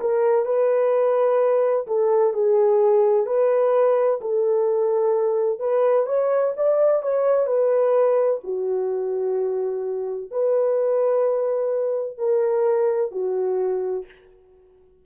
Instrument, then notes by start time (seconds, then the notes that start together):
horn
0.00 A#4
0.46 B4
1.87 A4
2.34 G#4
3.26 B4
4.21 A4
5.60 B4
6.06 C#5
6.57 D5
7.03 C#5
7.47 B4
8.44 F#4
10.31 B4
12.18 A#4
13.12 F#4